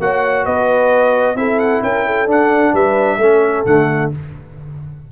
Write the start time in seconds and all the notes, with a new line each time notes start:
0.00 A#3 F#4 C#5 F#5
0.45 B3 B4 D#5
1.35 C4 E4 A4 E5
1.60 F#5
1.82 C#4 A#4 G5
2.06 A4
2.27 D4 F#5
2.73 G3 B4 E5
3.18 A3 C#4 A4
3.66 D3 A3 F#5